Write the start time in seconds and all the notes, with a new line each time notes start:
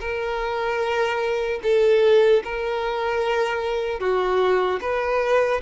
0.00 A#4
1.63 A4
2.44 A#4
4.00 F#4
4.81 B4